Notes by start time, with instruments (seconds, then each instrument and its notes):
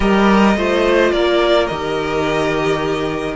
0.00 cello G3, viola G4, violin A#4 D#5
0.55 cello A3, viola F4, violin C5
1.12 cello A#3, violin A#4 D5
1.66 cello D#3, viola G4, violin D#5